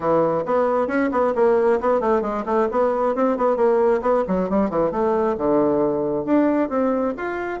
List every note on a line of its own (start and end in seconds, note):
0.00 0.44 E3
0.45 0.87 B3
0.87 1.10 C#4
1.11 1.33 B3
1.35 1.80 A#3
1.80 2.00 B3
2.00 2.21 A3
2.21 2.43 G#3
2.45 2.68 A3
2.71 3.15 B3
3.15 3.37 C4
3.37 3.56 B3
3.56 4.01 A#3
4.01 4.24 B3
4.27 4.49 F#3
4.49 4.70 G3
4.70 4.91 E3
4.91 5.35 A3
5.37 6.25 D3
6.25 6.69 D4
6.69 7.14 C4
7.17 7.60 F4